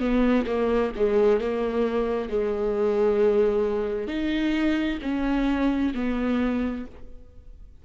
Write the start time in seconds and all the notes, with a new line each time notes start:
0.00 B3
0.47 A#3
0.96 G#3
1.41 A#3
2.30 G#3
4.08 D#4
5.02 C#4
5.95 B3